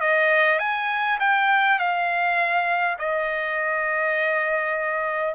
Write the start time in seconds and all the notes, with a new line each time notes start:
0.00 D#5
0.59 G#5
1.20 G5
1.79 F5
2.98 D#5